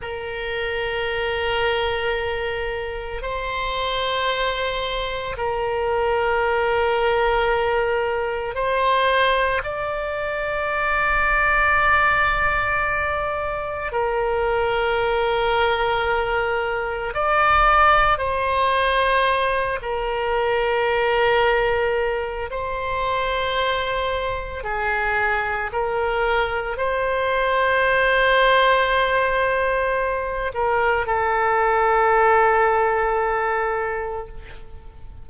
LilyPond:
\new Staff \with { instrumentName = "oboe" } { \time 4/4 \tempo 4 = 56 ais'2. c''4~ | c''4 ais'2. | c''4 d''2.~ | d''4 ais'2. |
d''4 c''4. ais'4.~ | ais'4 c''2 gis'4 | ais'4 c''2.~ | c''8 ais'8 a'2. | }